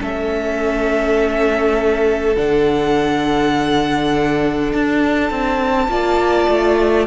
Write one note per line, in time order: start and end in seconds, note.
0.00 2.36 A3
0.00 2.35 C#4
0.00 5.89 A4
0.00 2.36 E5
2.36 4.72 D3
2.36 5.89 D4
2.36 4.71 F#5
4.72 5.30 D4
4.72 7.06 A5
5.30 5.88 C4
5.88 6.47 A#3
5.88 7.06 F4
5.88 7.06 D5
6.48 7.06 A3